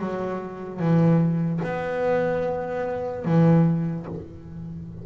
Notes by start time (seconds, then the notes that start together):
0.00 F#3
0.80 E3
1.64 B3
3.25 E3